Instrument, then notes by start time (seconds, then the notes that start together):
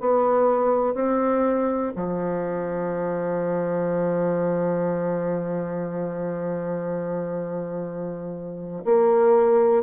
bassoon
0.00 B3
0.94 C4
1.96 F3
8.85 A#3